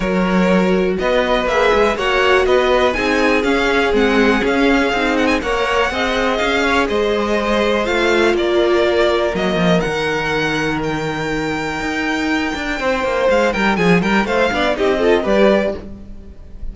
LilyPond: <<
  \new Staff \with { instrumentName = "violin" } { \time 4/4 \tempo 4 = 122 cis''2 dis''4 e''4 | fis''4 dis''4 gis''4 f''4 | fis''4 f''4. fis''16 gis''16 fis''4~ | fis''4 f''4 dis''2 |
f''4 d''2 dis''4 | fis''2 g''2~ | g''2. f''8 g''8 | gis''8 g''8 f''4 dis''4 d''4 | }
  \new Staff \with { instrumentName = "violin" } { \time 4/4 ais'2 b'2 | cis''4 b'4 gis'2~ | gis'2. cis''4 | dis''4. cis''8 c''2~ |
c''4 ais'2.~ | ais'1~ | ais'2 c''4. ais'8 | gis'8 ais'8 c''8 d''8 g'8 a'8 b'4 | }
  \new Staff \with { instrumentName = "viola" } { \time 4/4 fis'2. gis'4 | fis'2 dis'4 cis'4 | c'4 cis'4 dis'4 ais'4 | gis'1 |
f'2. ais4 | dis'1~ | dis'1~ | dis'4. d'8 dis'8 f'8 g'4 | }
  \new Staff \with { instrumentName = "cello" } { \time 4/4 fis2 b4 ais8 gis8 | ais4 b4 c'4 cis'4 | gis4 cis'4 c'4 ais4 | c'4 cis'4 gis2 |
a4 ais2 fis8 f8 | dis1 | dis'4. d'8 c'8 ais8 gis8 g8 | f8 g8 a8 b8 c'4 g4 | }
>>